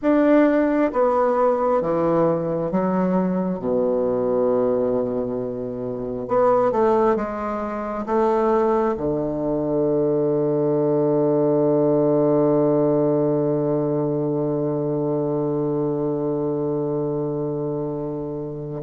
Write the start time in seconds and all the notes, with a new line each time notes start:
0.02 D4
0.92 B3
1.81 E3
2.71 F#3
3.59 B2
6.28 B3
6.71 A3
7.16 G#3
8.06 A3
8.97 D3